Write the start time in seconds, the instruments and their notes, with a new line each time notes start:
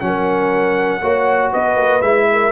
0.00 tuba F#3, trombone C#4, trumpet F#5
0.06 horn A#4
1.01 tuba A#3, trombone F#4, horn C#5
1.50 tuba B3, horn B4, trumpet D#5
1.77 tuba A#3
2.01 tuba G#3, trombone E4, trumpet E5
2.32 horn A#4